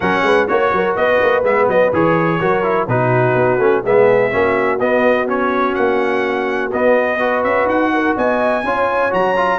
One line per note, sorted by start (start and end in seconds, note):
0.00 0.22 F#3
0.00 0.47 C#4
0.00 0.24 A#4
0.00 0.47 F#5
0.22 0.46 G#3
0.22 0.48 B4
0.47 0.72 A#3
0.47 1.43 F#4
0.47 0.95 C#5
0.47 0.72 C#5
0.72 0.96 F#3
0.72 0.97 A#4
0.95 1.20 B3
0.95 2.40 B4
0.95 1.43 D#5
1.21 1.43 A#3
1.43 1.67 G#3
1.43 1.92 B3
1.43 1.69 E5
1.68 1.92 F#3
1.68 1.93 D#5
1.92 2.41 E3
1.92 2.40 G#4
1.92 2.88 C#5
2.40 2.87 F#3
2.40 2.63 F#4
2.40 2.88 A#4
2.63 2.87 E4
2.87 3.34 B2
2.87 3.59 D#4
2.87 3.83 F#4
2.87 3.84 B4
3.34 3.58 B3
3.58 3.81 A3
3.58 3.83 C#4
3.83 4.33 G#3
3.83 4.30 B3
3.83 4.31 G#4
3.83 4.79 E5
4.30 4.80 A#3
4.30 4.79 C#4
4.30 7.19 F#4
4.79 5.27 B3
4.79 5.76 B3
4.79 5.27 D#5
5.27 6.71 C#4
5.27 5.74 C#5
5.74 6.72 A#3
5.74 6.70 F#5
6.72 7.19 B3
6.72 7.44 B3
6.72 7.43 D#5
7.19 8.63 F#4
7.19 7.91 B4
7.43 7.65 C#4
7.43 7.67 E5
7.65 8.13 D#4
7.65 8.16 F#5
7.93 8.16 A#4
8.16 8.63 B3
8.16 8.64 D#5
8.16 9.13 G#5
8.63 9.11 C#4
8.63 9.10 F4
8.63 9.59 C#5
9.10 9.59 F#3
9.10 9.34 F#4
9.10 9.59 A#5
9.36 9.59 F4